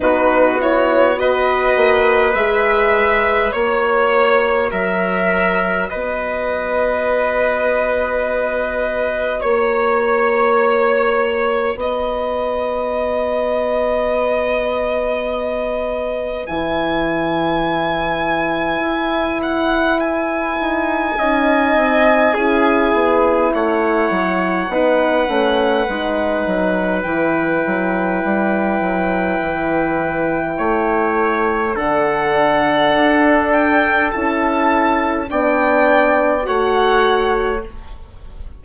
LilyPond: <<
  \new Staff \with { instrumentName = "violin" } { \time 4/4 \tempo 4 = 51 b'8 cis''8 dis''4 e''4 cis''4 | e''4 dis''2. | cis''2 dis''2~ | dis''2 gis''2~ |
gis''8 fis''8 gis''2. | fis''2. g''4~ | g''2. fis''4~ | fis''8 g''8 a''4 g''4 fis''4 | }
  \new Staff \with { instrumentName = "trumpet" } { \time 4/4 fis'4 b'2 cis''4 | ais'4 b'2. | cis''2 b'2~ | b'1~ |
b'2 dis''4 gis'4 | cis''4 b'2.~ | b'2 cis''4 a'4~ | a'2 d''4 cis''4 | }
  \new Staff \with { instrumentName = "horn" } { \time 4/4 dis'8 e'8 fis'4 gis'4 fis'4~ | fis'1~ | fis'1~ | fis'2 e'2~ |
e'2 dis'4 e'4~ | e'4 dis'8 cis'8 dis'4 e'4~ | e'2. d'4~ | d'4 e'4 d'4 fis'4 | }
  \new Staff \with { instrumentName = "bassoon" } { \time 4/4 b4. ais8 gis4 ais4 | fis4 b2. | ais2 b2~ | b2 e2 |
e'4. dis'8 cis'8 c'8 cis'8 b8 | a8 fis8 b8 a8 gis8 fis8 e8 fis8 | g8 fis8 e4 a4 d4 | d'4 cis'4 b4 a4 | }
>>